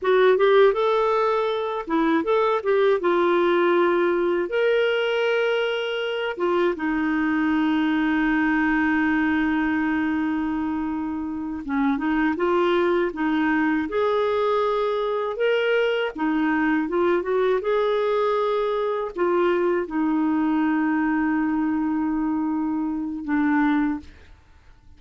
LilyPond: \new Staff \with { instrumentName = "clarinet" } { \time 4/4 \tempo 4 = 80 fis'8 g'8 a'4. e'8 a'8 g'8 | f'2 ais'2~ | ais'8 f'8 dis'2.~ | dis'2.~ dis'8 cis'8 |
dis'8 f'4 dis'4 gis'4.~ | gis'8 ais'4 dis'4 f'8 fis'8 gis'8~ | gis'4. f'4 dis'4.~ | dis'2. d'4 | }